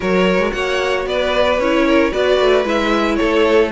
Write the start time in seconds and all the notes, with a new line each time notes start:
0.00 F#3 F#4 A#4 C#5
0.38 G#3
0.52 A#3 C#5 F#5
1.06 B3 B4 D5
1.58 C#4 E4 C#5
1.86 A#4
2.11 B3 F#4 B4 D5
2.40 A3
2.64 G#3 E4 E5
3.16 A4 C#5
3.22 A3